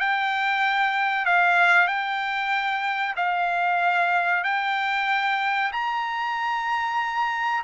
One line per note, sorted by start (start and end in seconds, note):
0.00 1.26 G5
1.26 1.87 F5
1.87 3.15 G5
3.16 4.44 F5
4.44 5.72 G5
5.72 7.64 A#5